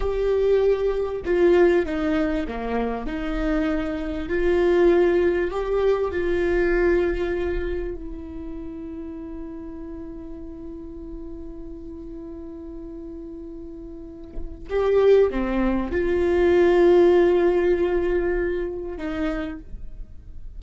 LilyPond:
\new Staff \with { instrumentName = "viola" } { \time 4/4 \tempo 4 = 98 g'2 f'4 dis'4 | ais4 dis'2 f'4~ | f'4 g'4 f'2~ | f'4 e'2.~ |
e'1~ | e'1 | g'4 c'4 f'2~ | f'2. dis'4 | }